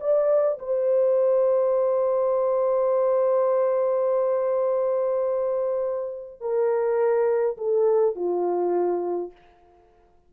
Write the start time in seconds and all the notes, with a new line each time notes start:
0.00 D5
0.59 C5
6.40 A#4
7.57 A4
8.15 F4